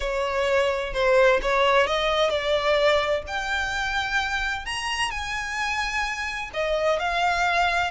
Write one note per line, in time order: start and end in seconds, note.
0.00 0.93 C#5
0.93 1.40 C5
1.41 1.86 C#5
1.86 2.29 D#5
2.29 3.22 D5
3.27 4.65 G5
4.65 5.11 A#5
5.11 6.50 G#5
6.53 6.99 D#5
6.99 7.90 F5